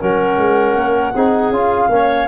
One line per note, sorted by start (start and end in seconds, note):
0.00 0.37 F#3
0.00 1.14 C#4
0.00 1.13 A#4
0.00 1.53 F#5
0.37 0.75 G#3
0.75 1.13 A#3
1.13 1.50 C4
1.13 1.53 D#4
1.13 1.89 G#4
1.50 1.88 C#4
1.50 1.90 F4
1.50 2.28 F5
1.89 2.27 A#3
1.89 2.28 C#4
1.89 2.28 C#5